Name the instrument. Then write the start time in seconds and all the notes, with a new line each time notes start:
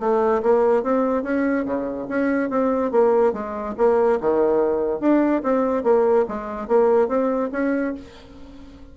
bassoon
0.00 A3
0.43 A#3
0.83 C4
1.23 C#4
1.65 C#3
2.09 C#4
2.50 C4
2.92 A#3
3.33 G#3
3.78 A#3
4.21 D#3
5.00 D4
5.43 C4
5.84 A#3
6.28 G#3
6.68 A#3
7.08 C4
7.52 C#4